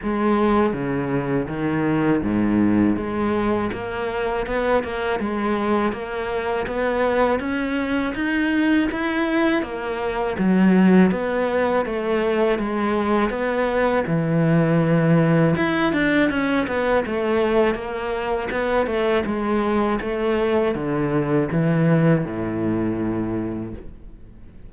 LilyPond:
\new Staff \with { instrumentName = "cello" } { \time 4/4 \tempo 4 = 81 gis4 cis4 dis4 gis,4 | gis4 ais4 b8 ais8 gis4 | ais4 b4 cis'4 dis'4 | e'4 ais4 fis4 b4 |
a4 gis4 b4 e4~ | e4 e'8 d'8 cis'8 b8 a4 | ais4 b8 a8 gis4 a4 | d4 e4 a,2 | }